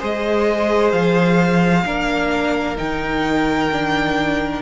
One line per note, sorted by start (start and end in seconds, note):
0.00 0.93 G#3
0.00 1.85 G#4
0.00 1.85 C5
0.00 0.92 D#5
0.92 1.85 F3
0.92 2.77 F5
1.85 2.78 A#3
1.85 2.77 D4
1.85 4.62 A#4
2.77 4.62 D#3
2.77 3.69 D#4
2.77 4.62 G5
3.72 4.62 D4